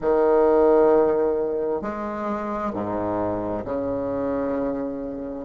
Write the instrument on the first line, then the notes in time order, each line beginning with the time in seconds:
bassoon
0.01 D#3
1.81 G#3
2.73 G#2
3.64 C#3